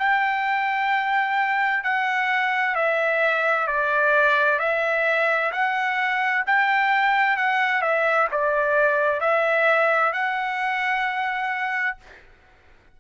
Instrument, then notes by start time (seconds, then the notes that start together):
trumpet
0.00 G5
1.84 F#5
2.76 E5
3.68 D5
4.60 E5
5.53 F#5
6.47 G5
7.37 F#5
7.82 E5
8.32 D5
9.21 E5
10.13 F#5